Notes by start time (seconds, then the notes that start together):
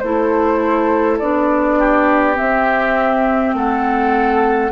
0.00 A3 E4 A4 C5
1.19 B3 D4 D5
1.79 G4
2.35 C4 E5
3.54 A3 A4 F#5